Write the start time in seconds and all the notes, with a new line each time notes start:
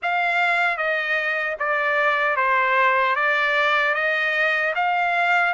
0.02 F5
0.77 D#5
1.59 D5
2.36 C5
3.15 D5
3.94 D#5
4.75 F5